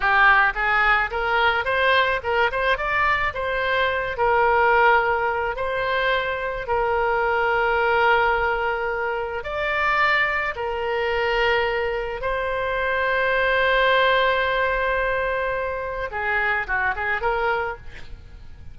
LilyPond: \new Staff \with { instrumentName = "oboe" } { \time 4/4 \tempo 4 = 108 g'4 gis'4 ais'4 c''4 | ais'8 c''8 d''4 c''4. ais'8~ | ais'2 c''2 | ais'1~ |
ais'4 d''2 ais'4~ | ais'2 c''2~ | c''1~ | c''4 gis'4 fis'8 gis'8 ais'4 | }